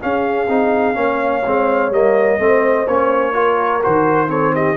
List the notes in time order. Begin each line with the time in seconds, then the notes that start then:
0.00 C#4 G#4 F5
0.48 C4 D#4
0.94 A#3 C#4 C#5
1.46 G#3 C4
1.90 G3 A#3 D#5
2.39 A3 C4 C5
2.87 A#3 C#4 C#5
3.33 F4 A#4
3.83 D#3 F#4 C5
4.28 C4 A4 C#5
4.55 G4 D#5